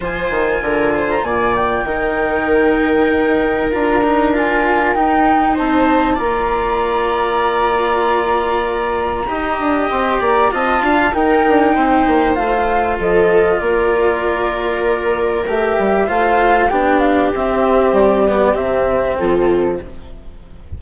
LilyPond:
<<
  \new Staff \with { instrumentName = "flute" } { \time 4/4 \tempo 4 = 97 gis''4.~ gis''16 ais''16 gis''8 g''4.~ | g''2 ais''4 gis''4 | g''4 a''4 ais''2~ | ais''1 |
c'''8 ais''8 a''4 g''2 | f''4 dis''4 d''2~ | d''4 e''4 f''4 g''8 f''8 | e''4 d''4 e''4 a'4 | }
  \new Staff \with { instrumentName = "viola" } { \time 4/4 c''4 ais'8 c''8 d''4 ais'4~ | ais'1~ | ais'4 c''4 d''2~ | d''2. dis''4~ |
dis''8 d''8 dis''8 f''8 ais'4 c''4~ | c''4 a'4 ais'2~ | ais'2 c''4 g'4~ | g'2. f'4 | }
  \new Staff \with { instrumentName = "cello" } { \time 4/4 f'2. dis'4~ | dis'2 f'8 dis'8 f'4 | dis'2 f'2~ | f'2. g'4~ |
g'4 f'4 dis'2 | f'1~ | f'4 g'4 f'4 d'4 | c'4. b8 c'2 | }
  \new Staff \with { instrumentName = "bassoon" } { \time 4/4 f8 dis8 d4 ais,4 dis4~ | dis4 dis'4 d'2 | dis'4 c'4 ais2~ | ais2. dis'8 d'8 |
c'8 ais8 c'8 d'8 dis'8 d'8 c'8 ais8 | a4 f4 ais2~ | ais4 a8 g8 a4 b4 | c'4 g4 c4 f4 | }
>>